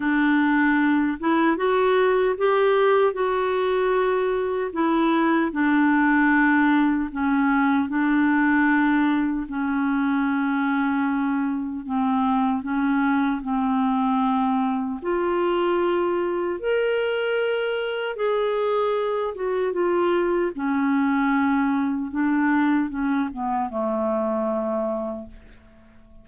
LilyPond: \new Staff \with { instrumentName = "clarinet" } { \time 4/4 \tempo 4 = 76 d'4. e'8 fis'4 g'4 | fis'2 e'4 d'4~ | d'4 cis'4 d'2 | cis'2. c'4 |
cis'4 c'2 f'4~ | f'4 ais'2 gis'4~ | gis'8 fis'8 f'4 cis'2 | d'4 cis'8 b8 a2 | }